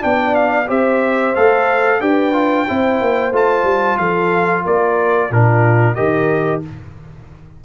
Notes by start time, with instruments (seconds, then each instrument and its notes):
0.00 tuba B3, trombone D4, horn D5, trumpet G5
0.35 trumpet F5
0.68 tuba C4, trombone G4, horn C5, trumpet E5
1.36 tuba A3, trombone A4, trumpet F5
2.01 tuba D4, trombone G4, horn B4, trumpet G5
2.33 trombone F4
2.68 tuba C4, trombone E4, horn C5
3.01 tuba A#3
3.32 tuba A3, trombone F4, trumpet A5
3.64 tuba G3
3.98 tuba F3, horn A4, trumpet F5
4.63 tuba A#3, horn A#4, trumpet D5
5.31 tuba A#2, trombone D4, horn F4, trumpet A#4
5.95 tuba D#3, trombone G4, horn A#4, trumpet D#5